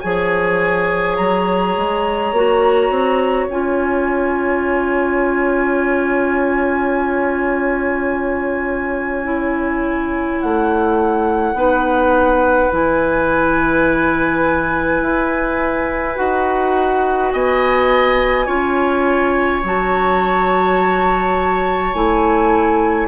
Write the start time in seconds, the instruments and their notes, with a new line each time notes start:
0.00 bassoon F3, clarinet G#4, oboe C#5, flute G#5
1.16 bassoon F#3, flute A#5
1.76 bassoon G#3
2.32 bassoon A#3, clarinet F#4
2.90 bassoon C4
3.48 bassoon C#4, clarinet F4, flute G#5
9.24 clarinet E4
10.41 bassoon A3, flute F#5
11.53 bassoon B3, clarinet D#4, oboe B4
12.70 bassoon E3, clarinet E4, flute G#5
15.01 bassoon E4
16.16 bassoon D#4, clarinet F#4, flute F#5
17.32 bassoon B3, oboe D#5, flute G#5
18.46 bassoon C#4, clarinet F4, oboe C#5
19.63 bassoon F#3, clarinet F#4, flute A5
21.93 bassoon A3, clarinet E4, flute G#5